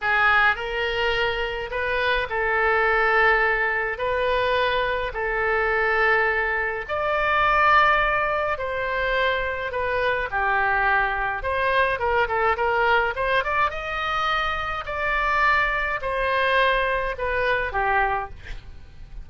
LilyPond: \new Staff \with { instrumentName = "oboe" } { \time 4/4 \tempo 4 = 105 gis'4 ais'2 b'4 | a'2. b'4~ | b'4 a'2. | d''2. c''4~ |
c''4 b'4 g'2 | c''4 ais'8 a'8 ais'4 c''8 d''8 | dis''2 d''2 | c''2 b'4 g'4 | }